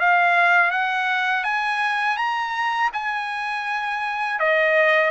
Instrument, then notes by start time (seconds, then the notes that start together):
trumpet
0.00 F5
0.72 F#5
1.44 G#5
2.18 A#5
2.93 G#5
4.40 D#5